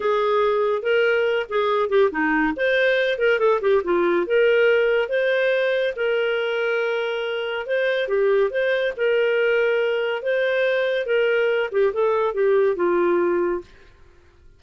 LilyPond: \new Staff \with { instrumentName = "clarinet" } { \time 4/4 \tempo 4 = 141 gis'2 ais'4. gis'8~ | gis'8 g'8 dis'4 c''4. ais'8 | a'8 g'8 f'4 ais'2 | c''2 ais'2~ |
ais'2 c''4 g'4 | c''4 ais'2. | c''2 ais'4. g'8 | a'4 g'4 f'2 | }